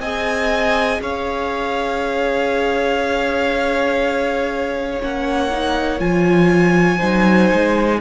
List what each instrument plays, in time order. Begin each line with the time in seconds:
0.00 cello C4, viola G#4, violin D#5 G#5
1.01 cello C#4, violin C#5 F5
5.01 cello A#3, viola C#4, violin F#5
5.51 viola D#4
5.99 cello F3, viola F4, violin G#5
6.98 cello F#3, viola D#4, violin C5
7.53 cello G#3